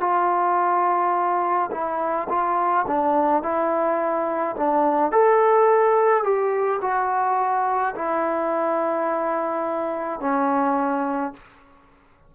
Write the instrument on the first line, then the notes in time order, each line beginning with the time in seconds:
trombone
0.00 F4
1.71 E4
2.28 F4
2.87 D4
3.42 E4
4.56 D4
5.11 A4
6.23 G4
6.81 F#4
7.95 E4
10.20 C#4